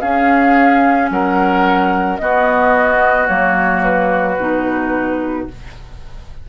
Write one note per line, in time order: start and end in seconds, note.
0.00 2.19 C#4
0.00 1.10 C#4
0.00 1.10 G#4
0.00 1.09 F5
1.10 2.19 F#3
1.10 2.21 A#4
1.10 2.18 F#5
2.18 3.29 B3
2.18 3.26 B3
2.18 5.49 F#4
2.18 3.27 D#5
3.26 4.37 F#3
3.26 4.35 A#3
3.26 3.82 C#5
3.83 5.47 B4
4.37 5.47 B2
4.37 5.48 D#4